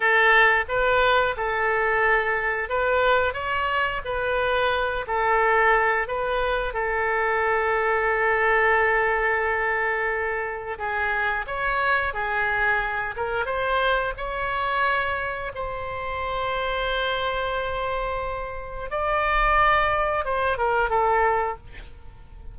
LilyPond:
\new Staff \with { instrumentName = "oboe" } { \time 4/4 \tempo 4 = 89 a'4 b'4 a'2 | b'4 cis''4 b'4. a'8~ | a'4 b'4 a'2~ | a'1 |
gis'4 cis''4 gis'4. ais'8 | c''4 cis''2 c''4~ | c''1 | d''2 c''8 ais'8 a'4 | }